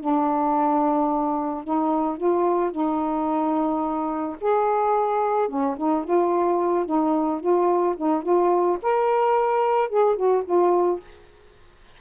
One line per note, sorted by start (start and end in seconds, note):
0.00 1.64 D4
1.64 2.17 D#4
2.17 2.71 F4
2.71 4.36 D#4
4.41 5.48 G#4
5.48 5.76 C#4
5.77 6.04 D#4
6.04 6.86 F4
6.86 7.40 D#4
7.40 7.95 F4
7.97 8.23 D#4
8.23 8.78 F4
8.82 9.89 A#4
9.89 10.16 G#4
10.16 10.43 F#4
10.45 11.00 F4